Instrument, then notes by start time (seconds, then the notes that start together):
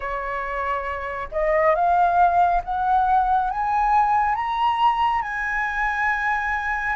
flute
0.00 C#5
1.31 D#5
1.75 F5
2.63 F#5
3.50 G#5
4.35 A#5
5.22 G#5